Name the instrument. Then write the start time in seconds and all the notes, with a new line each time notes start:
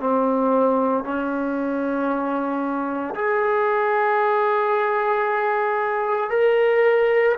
trombone
0.00 C4
1.04 C#4
3.15 G#4
6.30 A#4